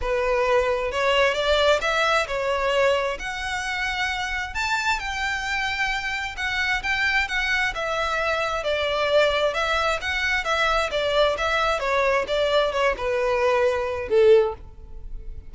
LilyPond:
\new Staff \with { instrumentName = "violin" } { \time 4/4 \tempo 4 = 132 b'2 cis''4 d''4 | e''4 cis''2 fis''4~ | fis''2 a''4 g''4~ | g''2 fis''4 g''4 |
fis''4 e''2 d''4~ | d''4 e''4 fis''4 e''4 | d''4 e''4 cis''4 d''4 | cis''8 b'2~ b'8 a'4 | }